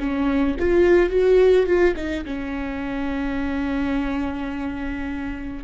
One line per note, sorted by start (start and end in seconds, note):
0.00 0.57 C#4
0.60 1.10 F4
1.10 1.66 F#4
1.66 1.95 F4
1.97 2.25 D#4
2.25 5.64 C#4